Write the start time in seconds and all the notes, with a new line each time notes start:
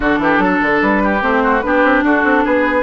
0.00 D3 D4 F#4 A4
0.18 E3 G4
0.38 F#3 A4
0.62 D3
0.81 G3 B4
1.03 G4
1.20 A3 C4 C5
1.43 F#4
1.61 B3 D4 G4 B4
1.84 C4
2.03 D4 F#4 A4
2.24 C4
2.44 B3 G#4 B4